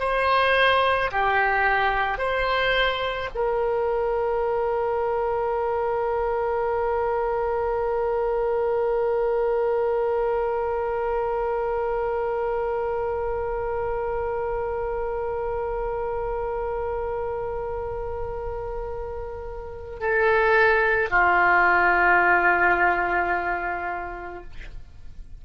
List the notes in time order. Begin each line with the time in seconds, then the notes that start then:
0.00 C5
1.12 G4
2.19 C5
3.35 A#4
20.01 A4
21.11 F4